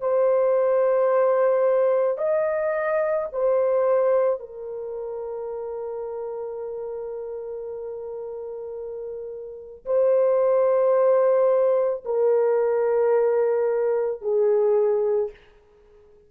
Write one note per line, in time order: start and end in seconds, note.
0.00 2.18 C5
2.18 3.27 D#5
3.32 4.39 C5
4.39 9.85 A#4
9.85 12.03 C5
12.05 14.21 A#4
14.21 15.30 G#4